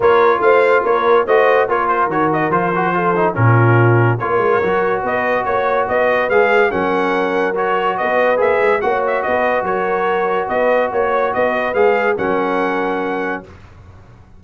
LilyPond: <<
  \new Staff \with { instrumentName = "trumpet" } { \time 4/4 \tempo 4 = 143 cis''4 f''4 cis''4 dis''4 | cis''8 c''8 cis''8 dis''8 c''2 | ais'2 cis''2 | dis''4 cis''4 dis''4 f''4 |
fis''2 cis''4 dis''4 | e''4 fis''8 e''8 dis''4 cis''4~ | cis''4 dis''4 cis''4 dis''4 | f''4 fis''2. | }
  \new Staff \with { instrumentName = "horn" } { \time 4/4 ais'4 c''4 ais'4 c''4 | ais'2. a'4 | f'2 ais'2 | b'4 cis''4 b'2 |
ais'2. b'4~ | b'4 cis''4 b'4 ais'4~ | ais'4 b'4 cis''4 b'4~ | b'4 ais'2. | }
  \new Staff \with { instrumentName = "trombone" } { \time 4/4 f'2. fis'4 | f'4 fis'4 f'8 fis'8 f'8 dis'8 | cis'2 f'4 fis'4~ | fis'2. gis'4 |
cis'2 fis'2 | gis'4 fis'2.~ | fis'1 | gis'4 cis'2. | }
  \new Staff \with { instrumentName = "tuba" } { \time 4/4 ais4 a4 ais4 a4 | ais4 dis4 f2 | ais,2 ais8 gis8 fis4 | b4 ais4 b4 gis4 |
fis2. b4 | ais8 gis8 ais4 b4 fis4~ | fis4 b4 ais4 b4 | gis4 fis2. | }
>>